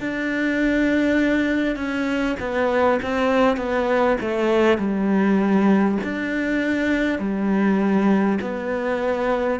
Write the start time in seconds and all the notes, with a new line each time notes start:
0.00 D4
1.76 C#4
2.40 B3
3.03 C4
3.57 B3
4.21 A3
4.78 G3
6.04 D4
7.19 G3
8.42 B3